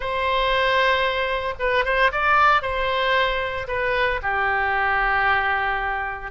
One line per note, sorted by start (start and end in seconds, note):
0.00 1.54 C5
1.59 1.84 B4
1.84 2.11 C5
2.11 2.62 D5
2.62 3.67 C5
3.67 4.20 B4
4.22 6.31 G4